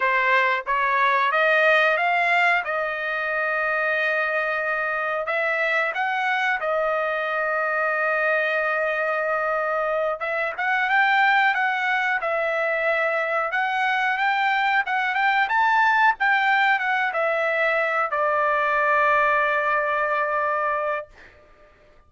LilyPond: \new Staff \with { instrumentName = "trumpet" } { \time 4/4 \tempo 4 = 91 c''4 cis''4 dis''4 f''4 | dis''1 | e''4 fis''4 dis''2~ | dis''2.~ dis''8 e''8 |
fis''8 g''4 fis''4 e''4.~ | e''8 fis''4 g''4 fis''8 g''8 a''8~ | a''8 g''4 fis''8 e''4. d''8~ | d''1 | }